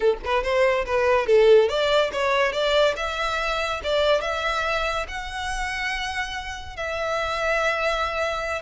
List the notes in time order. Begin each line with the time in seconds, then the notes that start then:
0.00 A4
0.24 B4
0.43 C5
0.85 B4
1.26 A4
1.68 D5
2.12 C#5
2.52 D5
2.96 E5
3.83 D5
4.21 E5
5.08 F#5
6.76 E5